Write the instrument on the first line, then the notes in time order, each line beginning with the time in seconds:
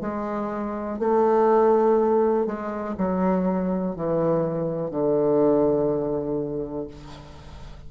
bassoon
0.00 G#3
0.98 A3
2.46 G#3
2.97 F#3
3.95 E3
4.90 D3